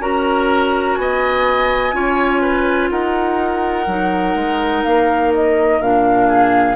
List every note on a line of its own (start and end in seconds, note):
0.00 0.97 C#4
0.00 1.93 F#4
0.00 0.99 A#4
0.00 0.96 A#5
0.96 1.93 B3
0.96 1.95 D#5
0.96 2.90 G#5
1.93 2.90 C#4
1.93 3.86 F4
1.93 2.42 C#5
2.42 2.90 B4
2.90 3.87 D#4
2.90 6.28 A#4
2.90 4.84 F#5
3.87 4.35 F#3
3.87 5.82 D#4
4.35 4.83 G#3
4.84 5.81 A#3
4.84 5.32 F5
5.34 5.81 D#5
5.81 6.76 A#2
5.81 6.76 D4
5.81 6.76 F5
6.28 6.76 G#4